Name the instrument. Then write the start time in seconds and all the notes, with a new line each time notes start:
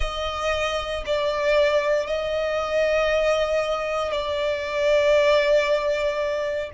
violin
0.00 D#5
1.06 D5
2.06 D#5
4.11 D5